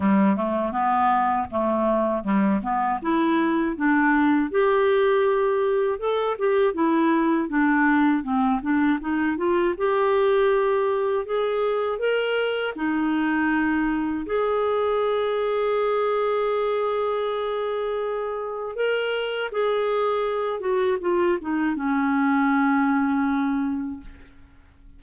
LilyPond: \new Staff \with { instrumentName = "clarinet" } { \time 4/4 \tempo 4 = 80 g8 a8 b4 a4 g8 b8 | e'4 d'4 g'2 | a'8 g'8 e'4 d'4 c'8 d'8 | dis'8 f'8 g'2 gis'4 |
ais'4 dis'2 gis'4~ | gis'1~ | gis'4 ais'4 gis'4. fis'8 | f'8 dis'8 cis'2. | }